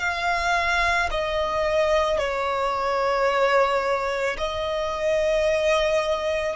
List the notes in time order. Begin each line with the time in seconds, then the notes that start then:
0.00 F5
1.11 D#5
2.19 C#5
4.38 D#5